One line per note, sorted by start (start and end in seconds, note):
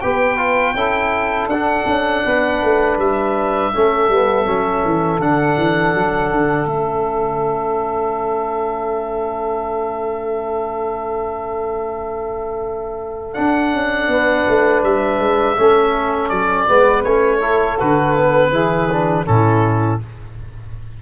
0.00 0.74 B3
0.00 0.37 G4
0.00 0.75 B4
0.00 1.48 G5
0.37 0.74 F4
0.74 1.47 C#4
0.74 1.51 E4
0.74 2.24 A4
1.47 1.84 D4
1.47 3.74 D4
1.47 2.98 F#5
1.86 2.23 C#4
2.24 2.62 B3
2.24 3.72 B4
2.62 2.98 A3
2.98 3.72 G3
2.98 5.21 E5
3.73 4.08 A3
3.73 4.11 C#4
3.73 14.10 A4
4.08 4.46 G3
4.08 4.45 B3
4.45 4.83 F#3
4.45 5.19 C#4
4.85 5.19 E3
5.19 5.56 D3
5.19 6.67 D4
5.19 6.68 F#5
5.57 5.94 E3
5.94 6.30 F#3
6.30 6.66 D3
6.66 13.33 A3
6.66 13.34 C#4
6.66 13.33 E5
13.33 15.56 D4
13.33 13.73 D4
13.33 14.81 F#5
13.73 14.07 C#4
14.07 14.44 B3
14.07 15.56 B4
14.48 14.83 A3
14.83 15.19 G3
14.83 16.29 E5
15.19 15.56 G#3
15.56 16.31 A3
15.56 16.68 C#4
15.56 16.68 A4
16.29 16.68 F#3
16.29 17.03 D5
16.68 17.05 G#3
16.68 17.05 B3
16.68 17.38 B4
17.04 17.79 A3
17.04 17.41 C#4
17.04 17.78 C#5
17.38 17.78 E4
17.38 18.49 A4
17.79 18.51 D3
17.79 18.16 F#4
17.79 19.26 B4
18.16 18.52 B3
18.51 19.25 E3
18.51 18.89 E4
18.51 19.25 G#4
18.92 19.25 D4
19.25 20.02 A2
19.25 19.99 C#4
19.25 20.01 E4
19.25 20.00 A4